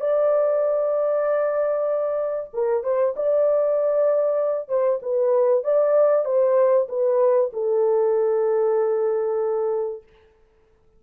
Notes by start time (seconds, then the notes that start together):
0.00 D5
2.53 A#4
2.83 C5
3.16 D5
4.68 C5
5.02 B4
5.63 D5
6.25 C5
6.88 B4
7.53 A4